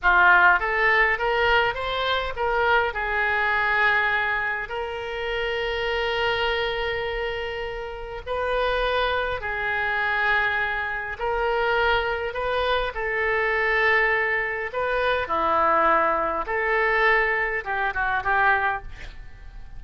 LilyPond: \new Staff \with { instrumentName = "oboe" } { \time 4/4 \tempo 4 = 102 f'4 a'4 ais'4 c''4 | ais'4 gis'2. | ais'1~ | ais'2 b'2 |
gis'2. ais'4~ | ais'4 b'4 a'2~ | a'4 b'4 e'2 | a'2 g'8 fis'8 g'4 | }